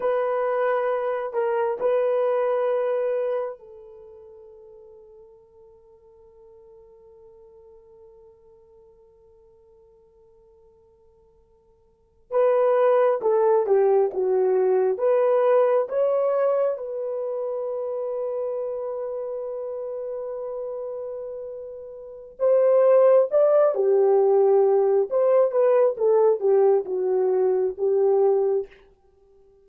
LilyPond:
\new Staff \with { instrumentName = "horn" } { \time 4/4 \tempo 4 = 67 b'4. ais'8 b'2 | a'1~ | a'1~ | a'4.~ a'16 b'4 a'8 g'8 fis'16~ |
fis'8. b'4 cis''4 b'4~ b'16~ | b'1~ | b'4 c''4 d''8 g'4. | c''8 b'8 a'8 g'8 fis'4 g'4 | }